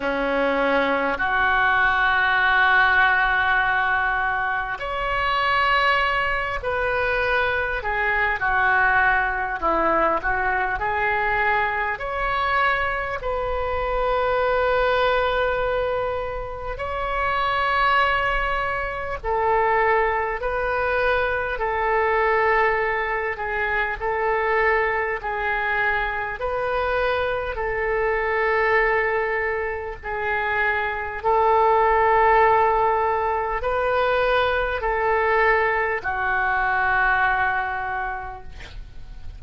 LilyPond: \new Staff \with { instrumentName = "oboe" } { \time 4/4 \tempo 4 = 50 cis'4 fis'2. | cis''4. b'4 gis'8 fis'4 | e'8 fis'8 gis'4 cis''4 b'4~ | b'2 cis''2 |
a'4 b'4 a'4. gis'8 | a'4 gis'4 b'4 a'4~ | a'4 gis'4 a'2 | b'4 a'4 fis'2 | }